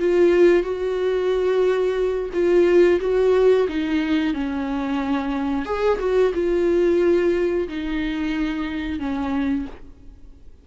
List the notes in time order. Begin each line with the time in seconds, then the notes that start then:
0.00 F4
0.63 F#4
2.33 F4
3.01 F#4
3.68 D#4
4.34 C#4
5.65 G#4
5.99 F#4
6.34 F4
7.68 D#4
8.99 C#4